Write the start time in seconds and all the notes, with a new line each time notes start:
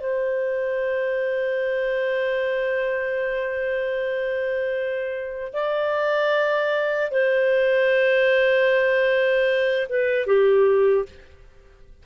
0.00 C5
5.53 D5
7.11 C5
9.89 B4
10.27 G4